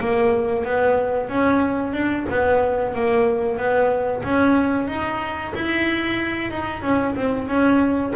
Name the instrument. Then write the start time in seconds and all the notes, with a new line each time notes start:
double bass
0.00 A#3
0.65 B3
1.30 C#4
1.93 D4
2.29 B3
2.95 A#3
3.58 B3
4.24 C#4
4.88 D#4
5.55 E4
6.52 D#4
6.83 C#4
7.16 C4
7.48 C#4